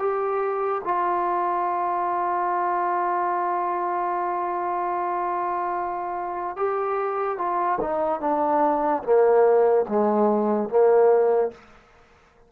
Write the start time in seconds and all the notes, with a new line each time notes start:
0.00 G4
0.84 F4
6.57 G4
7.38 F4
7.81 D#4
8.21 D4
9.04 A#3
9.89 G#3
10.70 A#3